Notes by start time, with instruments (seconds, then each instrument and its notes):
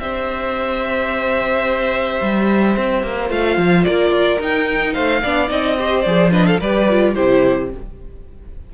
0.00 cello C4, viola G4, violin C5 E5
2.21 cello G3
2.77 cello C4
3.03 cello A#3
3.29 cello A3, viola F4, violin F5
3.57 cello F3
3.84 cello A#3, violin A#4 D5
4.11 cello F4
4.40 viola D#4, cello D#4, violin G5
4.94 cello A3, violin C5 F5
5.22 cello B3, viola D4, violin D5
5.48 cello C4, viola D#4, violin D#5
5.78 viola G4, violin C5
6.02 cello F3, viola G#4, violin D5
6.31 viola D4, violin B4 D#5
6.46 violin A4 F5
6.60 cello G3, viola G4, violin B4 D5
6.90 viola F4
7.14 cello C3, viola E4, violin G4 C5